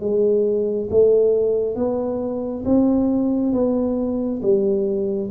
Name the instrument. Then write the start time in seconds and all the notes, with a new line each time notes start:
tuba
0.00 G#3
0.90 A3
1.75 B3
2.65 C4
3.53 B3
4.42 G3